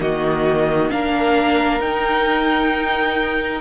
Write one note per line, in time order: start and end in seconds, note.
0.00 0.91 D#3
0.00 0.89 A#3
0.00 0.93 F#4
0.00 0.91 D#5
0.89 1.80 A#3
0.89 1.80 D4
0.89 3.61 A#4
0.89 1.81 F5
1.80 3.61 D#4
1.80 3.61 G5